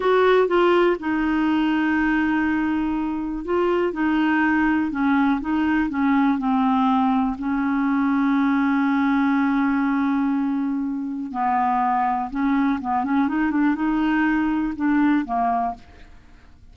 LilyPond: \new Staff \with { instrumentName = "clarinet" } { \time 4/4 \tempo 4 = 122 fis'4 f'4 dis'2~ | dis'2. f'4 | dis'2 cis'4 dis'4 | cis'4 c'2 cis'4~ |
cis'1~ | cis'2. b4~ | b4 cis'4 b8 cis'8 dis'8 d'8 | dis'2 d'4 ais4 | }